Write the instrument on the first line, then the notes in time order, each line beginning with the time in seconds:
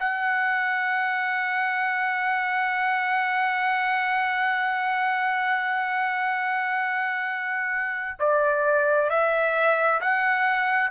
trumpet
0.00 F#5
8.20 D5
9.10 E5
10.01 F#5